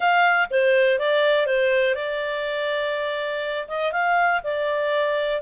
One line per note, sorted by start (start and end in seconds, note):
0.00 0.48 F5
0.50 0.98 C5
0.98 1.46 D5
1.46 1.94 C5
1.94 3.67 D5
3.68 3.92 D#5
3.92 4.41 F5
4.43 5.41 D5